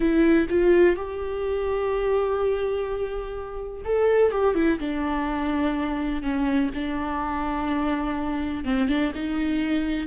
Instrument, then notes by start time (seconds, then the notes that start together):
viola
0.00 E4
0.49 F4
0.96 G4
3.84 A4
4.31 G4
4.54 E4
4.79 D4
6.22 C#4
6.74 D4
8.64 C4
8.88 D4
9.15 D#4